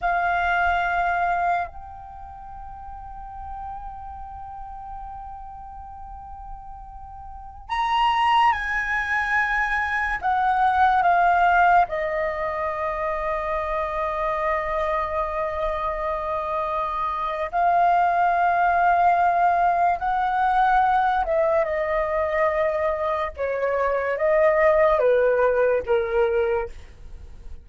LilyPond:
\new Staff \with { instrumentName = "flute" } { \time 4/4 \tempo 4 = 72 f''2 g''2~ | g''1~ | g''4~ g''16 ais''4 gis''4.~ gis''16~ | gis''16 fis''4 f''4 dis''4.~ dis''16~ |
dis''1~ | dis''4 f''2. | fis''4. e''8 dis''2 | cis''4 dis''4 b'4 ais'4 | }